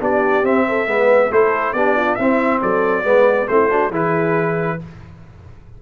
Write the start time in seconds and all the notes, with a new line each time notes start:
0.00 B3 D4 G4 D5
0.43 C4 E5
0.68 A4
0.87 G#3 B3 B4
1.31 A3 E4 A4 C5
1.73 B3 D4 G4 D5
1.97 F4
2.15 C4 E4 E5
2.62 F#3 A4 D5
3.03 G#3 B3 B4
3.48 A3 C4 E4 C5
3.70 D4 F#4
3.91 E3 E4 G#4 B4